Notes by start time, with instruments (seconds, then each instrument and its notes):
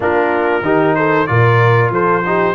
0.00 tuba A#3, trombone D4, horn F4, trumpet A#4
0.61 tuba D#3, trombone D#4, horn G4
0.95 horn A4, trumpet C5
1.26 tuba A#2, trombone F4, horn A#4, trumpet D5
1.90 tuba F3, horn A4, trumpet C5
2.25 trombone D#4, horn G4